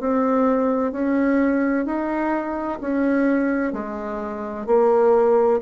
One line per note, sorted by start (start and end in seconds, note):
0.00 0.92 C4
0.92 1.85 C#4
1.85 2.79 D#4
2.81 3.73 C#4
3.73 4.67 G#3
4.67 5.60 A#3